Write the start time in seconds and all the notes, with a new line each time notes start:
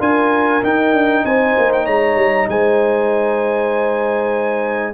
0.00 D4 F4 A#4 G#5
0.63 D#4 G5
0.93 D4
1.25 C4 C5 G#5
1.58 A#3
1.73 G5
1.85 G#3 C#5 A#5
2.16 G3
2.49 G#3 C5 G#5